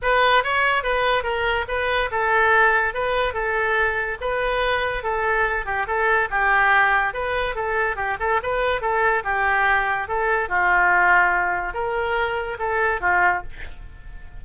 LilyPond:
\new Staff \with { instrumentName = "oboe" } { \time 4/4 \tempo 4 = 143 b'4 cis''4 b'4 ais'4 | b'4 a'2 b'4 | a'2 b'2 | a'4. g'8 a'4 g'4~ |
g'4 b'4 a'4 g'8 a'8 | b'4 a'4 g'2 | a'4 f'2. | ais'2 a'4 f'4 | }